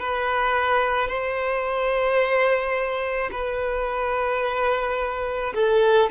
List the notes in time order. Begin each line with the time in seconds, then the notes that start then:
0.00 B4
1.08 C5
3.32 B4
5.55 A4